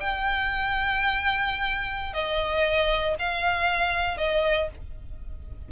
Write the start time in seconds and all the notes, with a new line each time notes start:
0.00 G5
2.13 D#5
3.19 F5
4.18 D#5